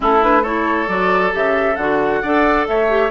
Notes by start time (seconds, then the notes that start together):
0.00 A3 C#4 E4 A4
0.21 D4 B4
0.42 E4 A4 C#5
0.87 F#3 F#4 D5
1.31 C#3 G4 E5
1.75 D3 F#4 F#5
2.22 D4 A4 D5
2.68 A3 C#5 E5
2.88 G4